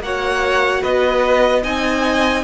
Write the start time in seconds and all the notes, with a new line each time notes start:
0.00 A#3 F#4 C#5 F#5
0.82 B3 B4 D#5
1.63 C4 D#4 D#5 G#5